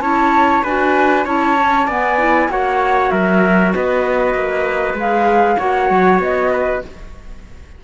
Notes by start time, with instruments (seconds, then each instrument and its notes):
0.00 cello C#4, clarinet E4, trumpet C#5, flute A5
0.63 cello D4, clarinet F#4, trumpet B4, flute G#5
1.25 cello C#4, clarinet E4, trumpet C#5, flute A5
1.58 clarinet C#4
1.86 cello B3, clarinet B3, trumpet D5, flute G#5
2.18 clarinet E4
2.48 cello A#3, clarinet F#4, trumpet C#5, flute F#5
3.10 cello F#3, trumpet A#4, flute E5
3.73 cello B3, trumpet B4, flute D#5
4.34 cello A#3
4.94 cello G#3, clarinet G#4, flute F5
5.58 cello A#3, clarinet F#4, trumpet C#5, flute F#5
5.90 cello F#3
6.19 cello B3, flute D#5
6.53 trumpet B4